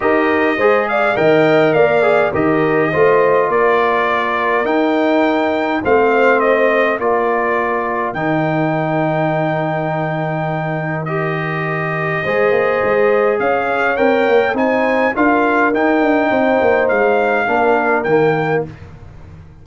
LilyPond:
<<
  \new Staff \with { instrumentName = "trumpet" } { \time 4/4 \tempo 4 = 103 dis''4. f''8 g''4 f''4 | dis''2 d''2 | g''2 f''4 dis''4 | d''2 g''2~ |
g''2. dis''4~ | dis''2. f''4 | g''4 gis''4 f''4 g''4~ | g''4 f''2 g''4 | }
  \new Staff \with { instrumentName = "horn" } { \time 4/4 ais'4 c''8 d''8 dis''4 d''4 | ais'4 c''4 ais'2~ | ais'2 c''2 | ais'1~ |
ais'1~ | ais'4 c''2 cis''4~ | cis''4 c''4 ais'2 | c''2 ais'2 | }
  \new Staff \with { instrumentName = "trombone" } { \time 4/4 g'4 gis'4 ais'4. gis'8 | g'4 f'2. | dis'2 c'2 | f'2 dis'2~ |
dis'2. g'4~ | g'4 gis'2. | ais'4 dis'4 f'4 dis'4~ | dis'2 d'4 ais4 | }
  \new Staff \with { instrumentName = "tuba" } { \time 4/4 dis'4 gis4 dis4 ais4 | dis4 a4 ais2 | dis'2 a2 | ais2 dis2~ |
dis1~ | dis4 gis8 ais8 gis4 cis'4 | c'8 ais8 c'4 d'4 dis'8 d'8 | c'8 ais8 gis4 ais4 dis4 | }
>>